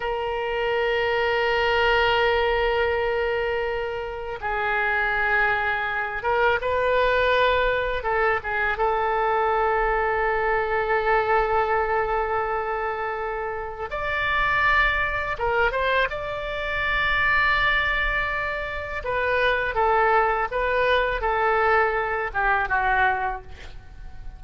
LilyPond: \new Staff \with { instrumentName = "oboe" } { \time 4/4 \tempo 4 = 82 ais'1~ | ais'2 gis'2~ | gis'8 ais'8 b'2 a'8 gis'8 | a'1~ |
a'2. d''4~ | d''4 ais'8 c''8 d''2~ | d''2 b'4 a'4 | b'4 a'4. g'8 fis'4 | }